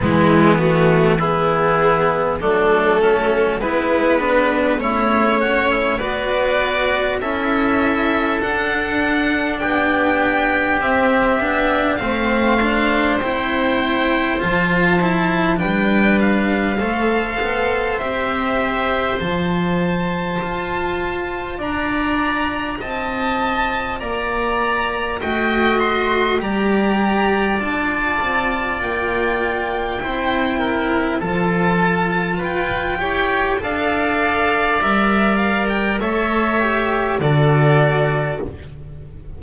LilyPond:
<<
  \new Staff \with { instrumentName = "violin" } { \time 4/4 \tempo 4 = 50 e'8 fis'8 gis'4 a'4 b'4 | cis''4 d''4 e''4 fis''4 | g''4 e''4 f''4 g''4 | a''4 g''8 f''4. e''4 |
a''2 ais''4 a''4 | ais''4 g''8 c'''8 ais''4 a''4 | g''2 a''4 g''4 | f''4 e''8 f''16 g''16 e''4 d''4 | }
  \new Staff \with { instrumentName = "oboe" } { \time 4/4 b4 e'4 d'8 cis'8 b4 | e'8 fis'16 e'16 b'4 a'2 | g'2 c''2~ | c''4 b'4 c''2~ |
c''2 d''4 dis''4 | d''4 dis''4 d''2~ | d''4 c''8 ais'8 a'4 b'8 cis''8 | d''2 cis''4 a'4 | }
  \new Staff \with { instrumentName = "cello" } { \time 4/4 gis8 a8 b4 a4 e'8 d'8 | cis'4 fis'4 e'4 d'4~ | d'4 c'8 d'8 c'8 d'8 e'4 | f'8 e'8 d'4 a'4 g'4 |
f'1~ | f'4 fis'4 g'4 f'4~ | f'4 e'4 f'4. g'8 | a'4 ais'4 a'8 g'8 fis'4 | }
  \new Staff \with { instrumentName = "double bass" } { \time 4/4 e2 fis4 gis4 | a4 b4 cis'4 d'4 | b4 c'8 b8 a4 c'4 | f4 g4 a8 b8 c'4 |
f4 f'4 d'4 c'4 | ais4 a4 g4 d'8 c'8 | ais4 c'4 f4 f'8 e'8 | d'4 g4 a4 d4 | }
>>